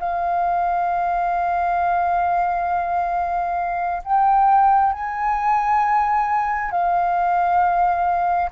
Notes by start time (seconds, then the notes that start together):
0.00 F5
4.04 G5
4.93 G#5
6.72 F5